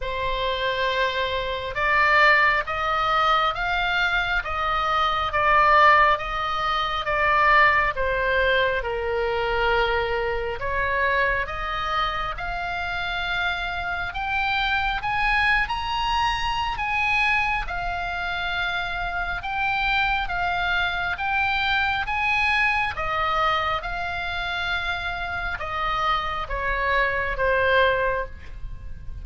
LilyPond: \new Staff \with { instrumentName = "oboe" } { \time 4/4 \tempo 4 = 68 c''2 d''4 dis''4 | f''4 dis''4 d''4 dis''4 | d''4 c''4 ais'2 | cis''4 dis''4 f''2 |
g''4 gis''8. ais''4~ ais''16 gis''4 | f''2 g''4 f''4 | g''4 gis''4 dis''4 f''4~ | f''4 dis''4 cis''4 c''4 | }